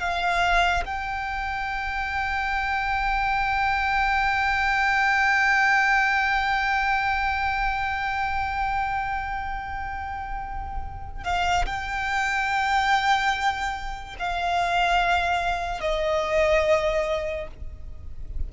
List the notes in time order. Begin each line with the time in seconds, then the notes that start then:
0.00 F5
0.85 G5
11.24 F5
11.66 G5
14.19 F5
15.81 D#5